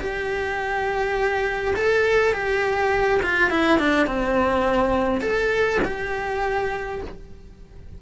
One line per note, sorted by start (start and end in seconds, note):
0.00 1.75 G4
1.76 2.34 A4
2.34 3.21 G4
3.23 3.50 F4
3.50 3.79 E4
3.79 4.07 D4
4.07 5.21 C4
5.21 5.80 A4
5.85 7.02 G4